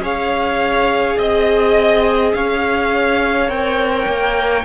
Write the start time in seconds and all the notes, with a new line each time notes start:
0.00 C#4 G#4 C#5 F5
1.18 C4 D#5
2.35 C#4 C#5 F5
3.48 C4 A#4 G5
4.07 A#3